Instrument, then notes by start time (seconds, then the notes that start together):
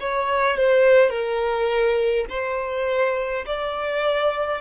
violin
0.00 C#5
0.57 C5
1.10 A#4
2.29 C5
3.46 D5